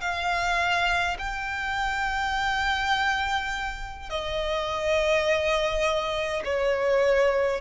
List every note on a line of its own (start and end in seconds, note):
0.00 1.17 F5
1.18 4.09 G5
4.09 6.42 D#5
6.44 7.61 C#5